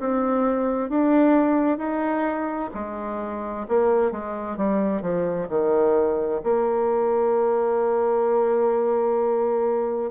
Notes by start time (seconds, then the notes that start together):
0.00 C4
0.90 D4
1.78 D#4
2.74 G#3
3.68 A#3
4.12 G#3
4.57 G3
5.02 F3
5.49 D#3
6.44 A#3